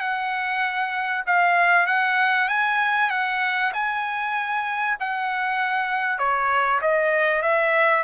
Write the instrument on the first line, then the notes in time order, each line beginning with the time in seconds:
trumpet
0.00 F#5
1.26 F5
1.86 F#5
2.48 G#5
3.10 F#5
3.73 G#5
4.99 F#5
6.18 C#5
6.81 D#5
7.42 E5